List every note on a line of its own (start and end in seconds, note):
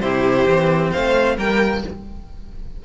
0.00 0.47 C3
0.00 0.48 E4
0.00 0.91 G4
0.00 0.91 C5
0.47 0.93 E3
0.47 1.38 C4
0.91 1.37 A3
0.91 1.37 C5
0.91 1.38 F5
1.37 1.83 G3
1.37 1.84 A#3
1.37 1.83 A#4
1.37 1.85 G5